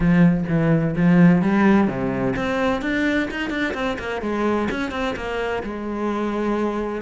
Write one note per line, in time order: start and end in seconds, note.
0.00 0.44 F3
0.48 0.95 E3
0.95 1.42 F3
1.42 1.87 G3
1.87 2.34 C3
2.36 2.81 C4
2.81 3.28 D4
3.30 3.50 D#4
3.50 3.73 D4
3.74 3.97 C4
3.98 4.21 A#3
4.21 4.68 G#3
4.70 4.91 C#4
4.91 5.14 C4
5.15 5.62 A#3
5.63 7.01 G#3